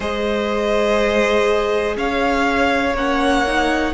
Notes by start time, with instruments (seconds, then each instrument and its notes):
0.00 cello G#3, viola G#4, violin C5 D#5
1.96 cello C#4, violin C#5 F5
2.94 cello A#3, viola C#4, violin F#5
3.47 viola D#4